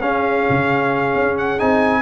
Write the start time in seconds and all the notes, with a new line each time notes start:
0.00 C#4 G#4 F5
0.49 C#3
1.15 C#4
1.38 F#5
1.58 C4 D#4 G#5